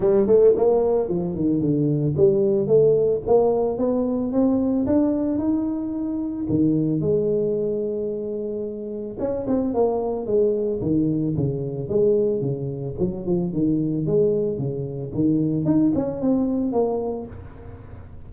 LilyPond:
\new Staff \with { instrumentName = "tuba" } { \time 4/4 \tempo 4 = 111 g8 a8 ais4 f8 dis8 d4 | g4 a4 ais4 b4 | c'4 d'4 dis'2 | dis4 gis2.~ |
gis4 cis'8 c'8 ais4 gis4 | dis4 cis4 gis4 cis4 | fis8 f8 dis4 gis4 cis4 | dis4 dis'8 cis'8 c'4 ais4 | }